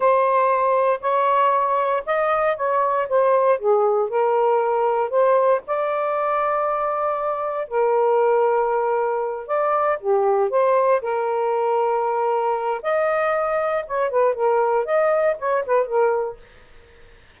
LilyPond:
\new Staff \with { instrumentName = "saxophone" } { \time 4/4 \tempo 4 = 117 c''2 cis''2 | dis''4 cis''4 c''4 gis'4 | ais'2 c''4 d''4~ | d''2. ais'4~ |
ais'2~ ais'8 d''4 g'8~ | g'8 c''4 ais'2~ ais'8~ | ais'4 dis''2 cis''8 b'8 | ais'4 dis''4 cis''8 b'8 ais'4 | }